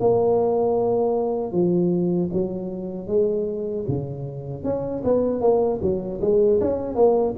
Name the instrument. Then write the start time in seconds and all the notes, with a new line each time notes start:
tuba
0.00 A#3
1.52 F3
2.33 F#3
3.07 G#3
3.88 C#3
4.64 C#4
5.04 B3
5.41 A#3
5.82 F#3
6.21 G#3
6.61 C#4
6.95 A#3